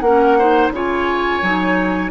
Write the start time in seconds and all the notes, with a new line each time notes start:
0.00 A#3 C#4 A#4 F#5
0.38 D#4 C5
0.70 C#3 F4 C#5
0.76 G#5
1.42 F#3 D#4